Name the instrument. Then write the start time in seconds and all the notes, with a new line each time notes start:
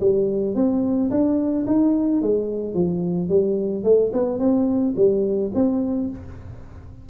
tuba
0.00 G3
0.55 C4
1.10 D4
1.66 D#4
2.21 G#3
2.74 F3
3.29 G3
3.84 A3
4.13 B3
4.39 C4
4.96 G3
5.54 C4